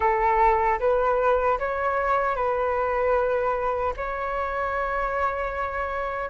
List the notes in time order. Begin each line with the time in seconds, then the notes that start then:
0.00 A4
0.79 B4
1.58 C#5
2.35 B4
3.96 C#5